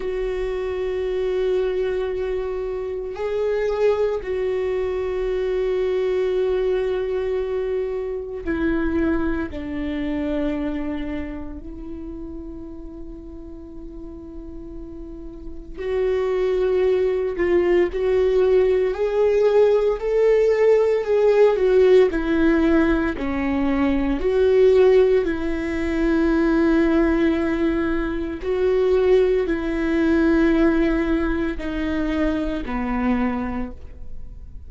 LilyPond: \new Staff \with { instrumentName = "viola" } { \time 4/4 \tempo 4 = 57 fis'2. gis'4 | fis'1 | e'4 d'2 e'4~ | e'2. fis'4~ |
fis'8 f'8 fis'4 gis'4 a'4 | gis'8 fis'8 e'4 cis'4 fis'4 | e'2. fis'4 | e'2 dis'4 b4 | }